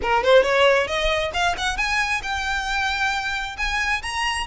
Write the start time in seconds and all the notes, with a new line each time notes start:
0.01 A#4
0.23 C5
0.42 C#5
0.87 D#5
1.33 F5
1.57 F#5
1.77 G#5
2.23 G5
3.57 G#5
4.02 A#5